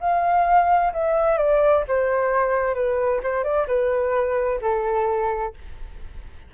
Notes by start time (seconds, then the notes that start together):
0.00 F5
0.93 E5
1.37 D5
1.88 C5
2.74 B4
3.23 C5
3.43 D5
3.67 B4
4.61 A4